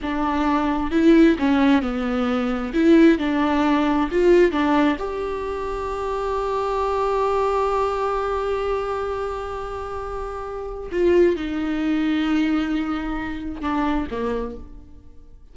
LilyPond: \new Staff \with { instrumentName = "viola" } { \time 4/4 \tempo 4 = 132 d'2 e'4 cis'4 | b2 e'4 d'4~ | d'4 f'4 d'4 g'4~ | g'1~ |
g'1~ | g'1 | f'4 dis'2.~ | dis'2 d'4 ais4 | }